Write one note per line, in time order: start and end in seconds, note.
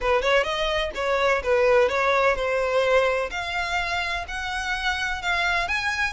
0.00 0.22 B4
0.22 0.43 C#5
0.43 0.90 D#5
0.94 1.42 C#5
1.43 1.89 B4
1.89 2.35 C#5
2.35 3.30 C5
3.30 4.25 F5
4.28 5.22 F#5
5.22 5.68 F5
5.68 6.13 G#5